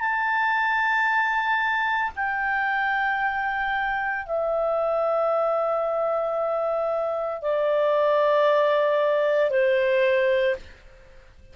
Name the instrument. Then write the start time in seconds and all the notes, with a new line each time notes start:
clarinet
0.00 A5
2.15 G5
4.26 E5
7.42 D5
9.50 C5